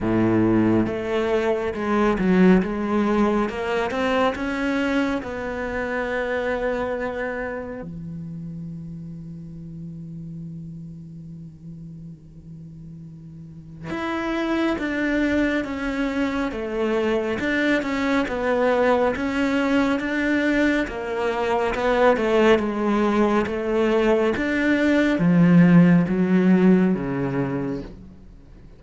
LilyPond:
\new Staff \with { instrumentName = "cello" } { \time 4/4 \tempo 4 = 69 a,4 a4 gis8 fis8 gis4 | ais8 c'8 cis'4 b2~ | b4 e2.~ | e1 |
e'4 d'4 cis'4 a4 | d'8 cis'8 b4 cis'4 d'4 | ais4 b8 a8 gis4 a4 | d'4 f4 fis4 cis4 | }